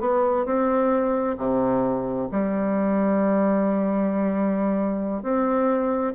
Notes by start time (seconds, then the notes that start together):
0.00 B3
0.45 C4
1.38 C3
2.31 G3
5.23 C4